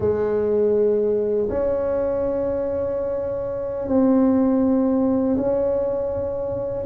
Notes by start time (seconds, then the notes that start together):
0.00 G#3
1.49 C#4
3.88 C4
5.36 C#4